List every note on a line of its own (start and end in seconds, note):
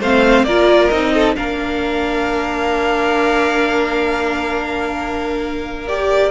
0.00 0.44 A3
0.00 0.48 C4
0.00 0.45 C5
0.00 0.44 F5
0.44 0.89 A#3
0.44 0.92 F4
0.44 1.13 A#4
0.44 0.89 D5
0.89 1.36 C4
0.89 1.36 D#4
0.89 1.34 D#5
1.14 1.36 A4
1.36 6.31 A#3
1.36 5.87 D4
1.36 6.31 A#4
1.36 5.87 F5
5.87 6.31 G4
5.87 6.31 D5